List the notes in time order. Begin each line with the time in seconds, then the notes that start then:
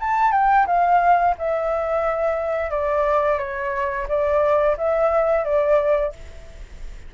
0.00 A5
0.32 G5
0.67 F5
1.38 E5
2.71 D5
3.38 C#5
4.08 D5
4.77 E5
5.45 D5